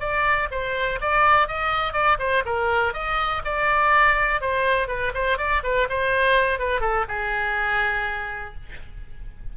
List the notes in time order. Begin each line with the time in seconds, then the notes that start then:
0.00 D5
0.51 C5
1.01 D5
1.48 D#5
1.93 D5
2.19 C5
2.46 A#4
2.94 D#5
3.45 D5
4.41 C5
4.88 B4
5.14 C5
5.38 D5
5.64 B4
5.90 C5
6.59 B4
6.81 A4
7.08 G#4